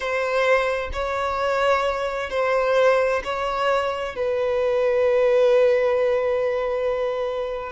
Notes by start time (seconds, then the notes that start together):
0.00 C5
0.92 C#5
2.30 C5
3.23 C#5
4.15 B4